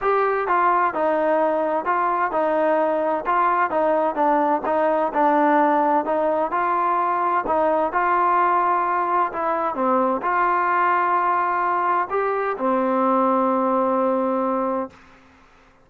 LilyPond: \new Staff \with { instrumentName = "trombone" } { \time 4/4 \tempo 4 = 129 g'4 f'4 dis'2 | f'4 dis'2 f'4 | dis'4 d'4 dis'4 d'4~ | d'4 dis'4 f'2 |
dis'4 f'2. | e'4 c'4 f'2~ | f'2 g'4 c'4~ | c'1 | }